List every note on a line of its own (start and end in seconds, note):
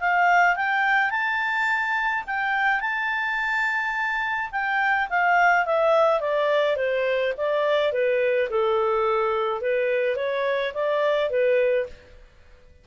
0.00 0.56 F5
0.56 1.11 G5
1.11 2.24 A5
2.27 2.80 G5
2.80 4.50 A5
4.52 5.08 G5
5.10 5.66 F5
5.66 6.20 E5
6.20 6.76 D5
6.76 7.33 C5
7.37 7.92 D5
7.92 8.49 B4
8.50 9.61 A4
9.61 10.16 B4
10.16 10.73 C#5
10.74 11.30 D5
11.30 11.86 B4